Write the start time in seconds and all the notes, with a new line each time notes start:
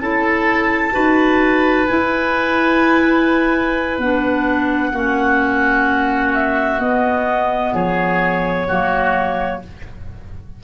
0.00 C#4 E4 A4 A5
0.92 D#4 F#4 B4
1.88 E4 G#5
3.99 B3 D4 F#5
4.93 A#3 C#4 F#4
6.34 E5
6.79 B3 D#5
7.74 F3 G#4 C#5
8.68 F#3 A#3 F#4